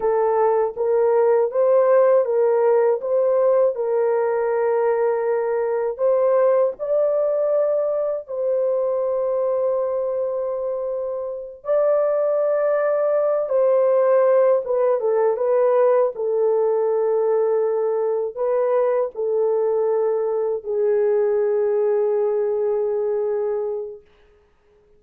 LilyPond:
\new Staff \with { instrumentName = "horn" } { \time 4/4 \tempo 4 = 80 a'4 ais'4 c''4 ais'4 | c''4 ais'2. | c''4 d''2 c''4~ | c''2.~ c''8 d''8~ |
d''2 c''4. b'8 | a'8 b'4 a'2~ a'8~ | a'8 b'4 a'2 gis'8~ | gis'1 | }